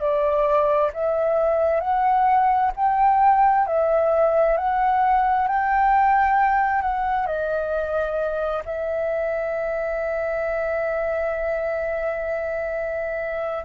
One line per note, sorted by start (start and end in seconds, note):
0.00 0.91 D5
0.93 1.81 E5
1.81 2.71 F#5
2.76 3.67 G5
3.67 4.57 E5
4.57 5.48 F#5
5.48 6.82 G5
6.82 7.26 F#5
7.26 8.63 D#5
8.65 13.64 E5